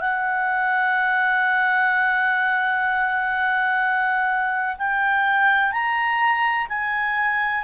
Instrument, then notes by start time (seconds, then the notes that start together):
clarinet
0.00 F#5
4.78 G5
5.72 A#5
6.68 G#5